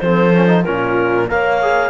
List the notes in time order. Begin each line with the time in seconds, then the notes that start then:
0.00 F3 C4 A4 C5
0.35 C#4
0.48 D#4
0.65 A#2 C#4 F4 A#4
1.29 A#3 A#4 C#5 F5
1.62 G#4